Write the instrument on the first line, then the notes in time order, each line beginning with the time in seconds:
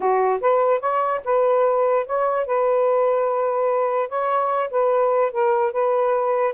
saxophone
0.00 F#4
0.40 B4
0.80 C#5
1.24 B4
2.06 C#5
2.46 B4
4.09 C#5
4.70 B4
5.31 A#4
5.72 B4